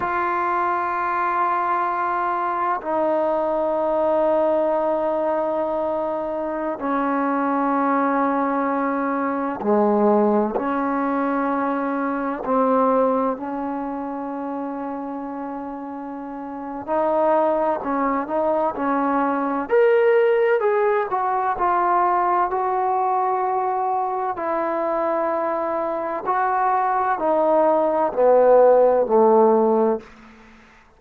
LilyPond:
\new Staff \with { instrumentName = "trombone" } { \time 4/4 \tempo 4 = 64 f'2. dis'4~ | dis'2.~ dis'16 cis'8.~ | cis'2~ cis'16 gis4 cis'8.~ | cis'4~ cis'16 c'4 cis'4.~ cis'16~ |
cis'2 dis'4 cis'8 dis'8 | cis'4 ais'4 gis'8 fis'8 f'4 | fis'2 e'2 | fis'4 dis'4 b4 a4 | }